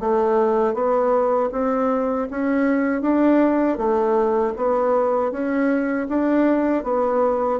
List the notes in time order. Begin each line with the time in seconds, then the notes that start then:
0.00 A3
0.74 B3
1.52 C4
2.30 C#4
3.02 D4
3.78 A3
4.56 B3
5.32 C#4
6.09 D4
6.84 B3